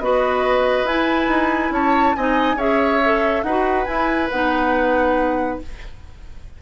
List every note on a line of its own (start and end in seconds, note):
0.00 0.85 B3
0.00 0.87 F#4
0.00 1.73 B4
0.00 0.87 D#5
0.85 1.27 E4
0.85 2.17 E4
0.85 1.72 G#5
1.28 1.71 D#4
1.71 2.13 C#4
1.71 2.16 C#5
1.71 2.16 A5
2.16 2.55 C4
2.16 2.58 D#4
2.16 2.57 D#5
2.16 2.59 G#5
2.55 3.41 C#4
2.55 3.01 G#4
2.55 3.42 C#5
2.55 3.43 E5
3.04 3.47 A4
3.43 3.86 D#4
3.43 3.87 F#4
3.43 5.60 B4
3.43 3.85 F#5
3.85 4.29 E4
3.85 4.30 E4
3.85 4.28 G#5
4.31 5.61 B3
4.31 5.62 D#4
4.31 5.59 F#5